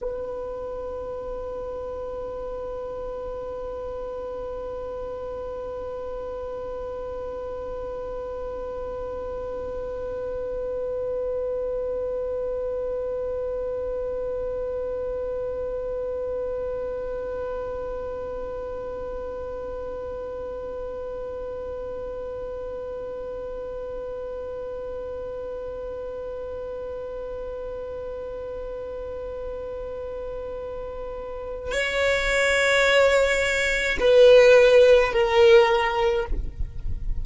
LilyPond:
\new Staff \with { instrumentName = "violin" } { \time 4/4 \tempo 4 = 53 b'1~ | b'1~ | b'1~ | b'1~ |
b'1~ | b'1~ | b'1 | cis''2 b'4 ais'4 | }